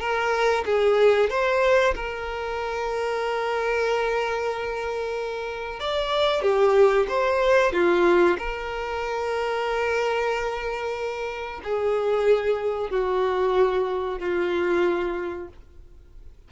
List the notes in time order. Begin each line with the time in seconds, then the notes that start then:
0.00 A#4
0.66 G#4
1.30 C5
1.95 A#4
5.80 D5
6.42 G4
7.09 C5
7.73 F4
8.38 A#4
11.64 G#4
12.91 F#4
14.19 F4